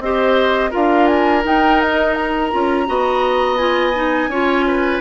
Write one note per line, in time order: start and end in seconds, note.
0.00 0.71 C4
0.00 0.71 G4
0.00 0.71 C5
0.00 0.72 D#5
0.71 1.45 D4
0.71 1.43 F4
0.71 2.85 A#4
0.71 1.07 F5
1.07 1.43 G#5
1.44 2.52 D#4
1.44 2.53 D#4
1.44 1.82 G5
1.82 2.15 D#5
2.15 3.58 A#5
2.52 2.89 C#4
2.52 2.87 F4
2.87 4.28 B3
2.87 3.58 F#4
2.87 4.30 D#5
3.58 3.94 F4
3.58 5.00 G#5
3.94 4.30 D#4
4.28 4.99 C#4
4.28 5.01 F4
4.28 4.66 C#5
4.67 5.01 B4